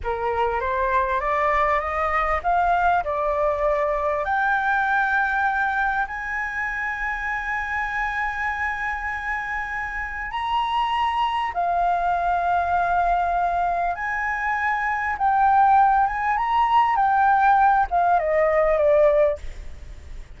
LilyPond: \new Staff \with { instrumentName = "flute" } { \time 4/4 \tempo 4 = 99 ais'4 c''4 d''4 dis''4 | f''4 d''2 g''4~ | g''2 gis''2~ | gis''1~ |
gis''4 ais''2 f''4~ | f''2. gis''4~ | gis''4 g''4. gis''8 ais''4 | g''4. f''8 dis''4 d''4 | }